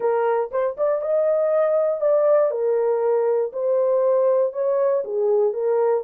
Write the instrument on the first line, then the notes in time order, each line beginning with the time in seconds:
horn
0.00 A#4
0.51 C5
0.77 D5
1.01 D#5
2.00 D5
2.50 A#4
3.52 C5
4.52 C#5
5.04 G#4
5.53 A#4